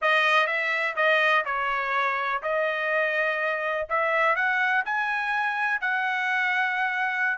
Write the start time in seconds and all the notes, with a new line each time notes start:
0.01 D#5
0.46 E5
0.96 D#5
1.45 C#5
2.42 D#5
3.89 E5
4.35 F#5
4.85 G#5
5.80 F#5